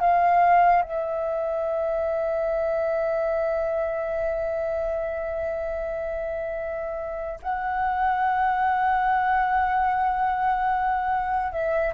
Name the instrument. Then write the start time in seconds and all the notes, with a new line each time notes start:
flute
0.00 F5
0.82 E5
7.42 F#5
11.52 E5